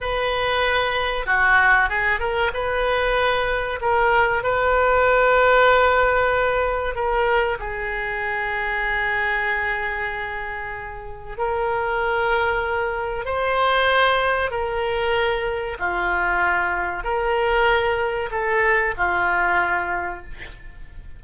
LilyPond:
\new Staff \with { instrumentName = "oboe" } { \time 4/4 \tempo 4 = 95 b'2 fis'4 gis'8 ais'8 | b'2 ais'4 b'4~ | b'2. ais'4 | gis'1~ |
gis'2 ais'2~ | ais'4 c''2 ais'4~ | ais'4 f'2 ais'4~ | ais'4 a'4 f'2 | }